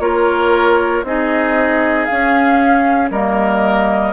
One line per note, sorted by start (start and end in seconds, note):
0.00 1.03 A#3
0.00 1.04 F4
0.00 1.05 A#4
0.00 1.04 C#5
1.03 2.07 C4
1.03 2.09 D#4
1.03 3.11 G#4
1.03 2.05 D#5
2.05 3.13 C#4
2.05 3.09 F5
2.11 3.11 C#4
3.11 4.13 G3
3.11 4.13 A#3
3.11 4.13 A#4
3.11 4.13 D#5